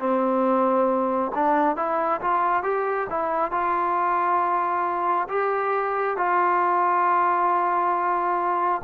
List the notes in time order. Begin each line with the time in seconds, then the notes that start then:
0.00 C4
1.35 D4
1.77 E4
2.21 F4
2.64 G4
3.10 E4
3.52 F4
5.29 G4
6.18 F4